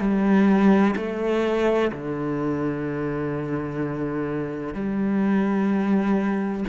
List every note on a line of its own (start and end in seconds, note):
0.00 0.95 G3
0.96 1.91 A3
1.92 4.74 D3
4.74 6.65 G3